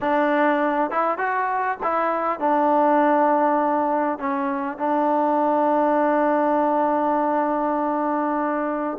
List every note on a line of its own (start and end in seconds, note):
0.00 0.90 D4
0.90 1.18 E4
1.18 1.78 F#4
1.83 2.39 E4
2.39 4.18 D4
4.18 4.78 C#4
4.78 8.98 D4